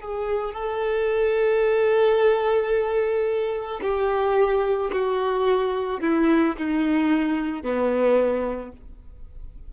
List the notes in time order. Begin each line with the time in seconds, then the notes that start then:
0.00 G#4
0.53 A4
3.81 G4
4.92 F#4
6.00 E4
6.57 D#4
7.63 B3